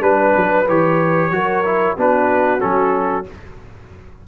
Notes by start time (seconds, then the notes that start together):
0.00 G3 D4 B4
0.36 F#3
0.68 E3 G4 C#5
1.30 F#3 F#4 A#4
1.65 E4
1.97 B3 D4 F#4 B4
2.59 F#3 C#4 A4